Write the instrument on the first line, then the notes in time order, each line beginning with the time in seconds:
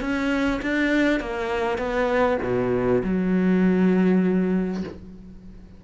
cello
0.00 C#4
0.62 D4
1.19 A#3
1.78 B3
2.42 B2
3.03 F#3